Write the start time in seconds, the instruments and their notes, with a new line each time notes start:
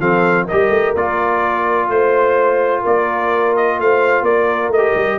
0.00 tuba F3, trombone C4, horn A4, trumpet F5
0.45 horn A#4, trumpet D#5
0.51 tuba G3, trombone G4
0.70 tuba A3
0.95 tuba A#3, trombone F4, trumpet D5
1.89 tuba A3, trumpet C5, horn C5
2.82 tuba A#3, horn A#4, trumpet D5
3.56 trumpet D#5
3.80 tuba A3, horn C5, trumpet F5
4.22 tuba A#3, horn A#4, trumpet D5
4.68 tuba A3, trumpet D#5
4.77 trombone G4
4.95 tuba G3